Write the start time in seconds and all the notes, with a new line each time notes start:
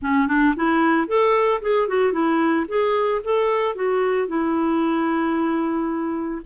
0.02 C#4
0.27 D4
0.56 E4
1.07 A4
1.61 G#4
1.88 F#4
2.12 E4
2.68 G#4
3.23 A4
3.75 F#4
4.27 E4